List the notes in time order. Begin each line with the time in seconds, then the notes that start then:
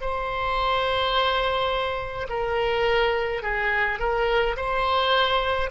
0.00 C5
2.28 A#4
3.42 G#4
3.99 A#4
4.56 C5